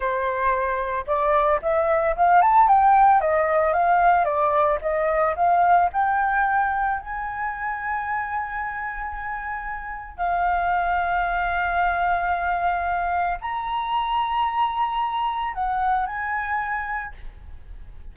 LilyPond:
\new Staff \with { instrumentName = "flute" } { \time 4/4 \tempo 4 = 112 c''2 d''4 e''4 | f''8 a''8 g''4 dis''4 f''4 | d''4 dis''4 f''4 g''4~ | g''4 gis''2.~ |
gis''2. f''4~ | f''1~ | f''4 ais''2.~ | ais''4 fis''4 gis''2 | }